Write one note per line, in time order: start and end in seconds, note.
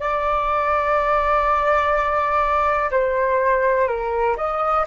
0.00 2.90 D5
2.91 3.88 C5
3.88 4.36 A#4
4.37 4.86 D#5